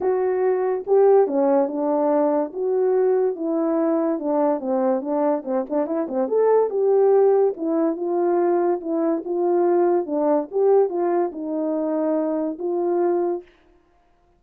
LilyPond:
\new Staff \with { instrumentName = "horn" } { \time 4/4 \tempo 4 = 143 fis'2 g'4 cis'4 | d'2 fis'2 | e'2 d'4 c'4 | d'4 c'8 d'8 e'8 c'8 a'4 |
g'2 e'4 f'4~ | f'4 e'4 f'2 | d'4 g'4 f'4 dis'4~ | dis'2 f'2 | }